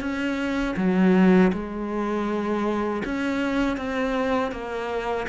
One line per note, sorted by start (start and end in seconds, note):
0.00 0.75 C#4
0.77 1.52 F#3
1.52 3.02 G#3
3.05 3.77 C#4
3.77 4.52 C4
4.52 5.27 A#3